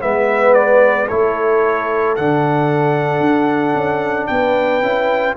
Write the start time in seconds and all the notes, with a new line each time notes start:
0.00 G#3 B3 B4 E5
0.54 D5
1.08 A3 E4 A4 C#5
2.16 D3 D4 F#5
3.21 D4
3.75 C#4
4.27 B3 B4 G5
4.82 C#4 E4